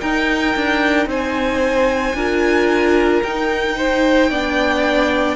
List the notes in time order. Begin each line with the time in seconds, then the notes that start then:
0.00 D#4 A#4 G5
0.56 D4
1.06 C4 C5 G#5
2.13 D4 F4 A#4
3.23 D#4 G5
3.76 C5
4.30 B3 D4 D5